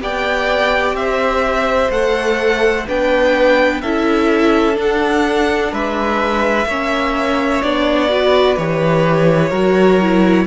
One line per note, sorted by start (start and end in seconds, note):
0.00 0.93 B3
0.00 1.91 G4
0.00 0.97 D5
0.00 0.95 G5
0.93 1.88 C4
0.93 2.87 C5
0.93 1.90 E5
1.90 2.86 A3
1.90 2.87 A4
1.90 2.86 F#5
2.87 3.83 B3
2.87 3.82 D4
2.87 3.82 B4
2.87 3.81 G5
3.81 4.77 C#4
3.81 4.73 E4
3.81 5.72 A4
3.81 4.76 E5
4.73 6.64 D4
4.73 5.72 D4
4.81 5.73 F#5
5.72 6.65 G#3
5.72 6.67 B4
5.72 7.62 E5
6.65 7.61 A#3
6.65 7.63 C#4
6.65 8.11 C#5
7.62 8.57 B3
7.62 8.09 D4
7.62 8.56 D5
8.09 8.56 F#4
8.09 9.49 B4
8.56 9.51 E3
8.56 9.52 G4
8.56 10.46 C#5
9.49 10.46 F#3
9.49 10.00 F#4
9.49 10.45 A#4
10.01 10.46 E4